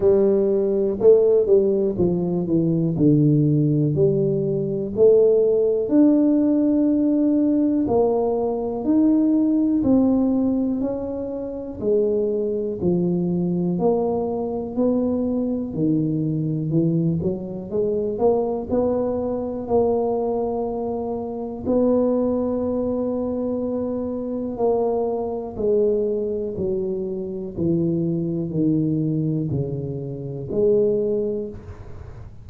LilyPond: \new Staff \with { instrumentName = "tuba" } { \time 4/4 \tempo 4 = 61 g4 a8 g8 f8 e8 d4 | g4 a4 d'2 | ais4 dis'4 c'4 cis'4 | gis4 f4 ais4 b4 |
dis4 e8 fis8 gis8 ais8 b4 | ais2 b2~ | b4 ais4 gis4 fis4 | e4 dis4 cis4 gis4 | }